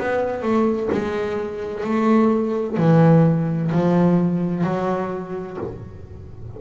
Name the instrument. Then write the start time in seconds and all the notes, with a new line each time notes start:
double bass
0.00 B3
0.43 A3
0.93 G#3
1.85 A3
2.78 E3
3.72 F3
4.64 F#3